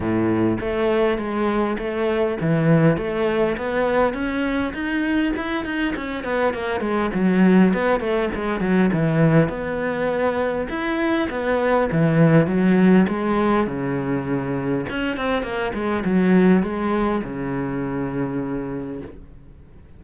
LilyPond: \new Staff \with { instrumentName = "cello" } { \time 4/4 \tempo 4 = 101 a,4 a4 gis4 a4 | e4 a4 b4 cis'4 | dis'4 e'8 dis'8 cis'8 b8 ais8 gis8 | fis4 b8 a8 gis8 fis8 e4 |
b2 e'4 b4 | e4 fis4 gis4 cis4~ | cis4 cis'8 c'8 ais8 gis8 fis4 | gis4 cis2. | }